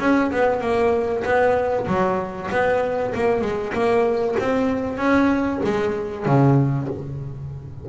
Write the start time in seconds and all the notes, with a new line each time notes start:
0.00 C#4
0.32 B3
0.61 A#3
1.25 B3
1.88 F#3
2.51 B3
3.15 A#3
3.42 G#3
3.74 A#3
4.39 C4
4.98 C#4
5.64 G#3
6.26 C#3